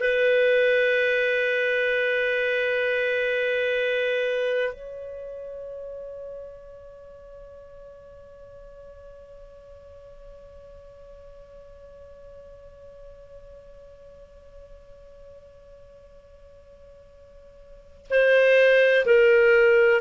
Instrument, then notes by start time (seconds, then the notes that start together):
clarinet
0.00 B4
4.73 C#5
18.10 C5
19.06 A#4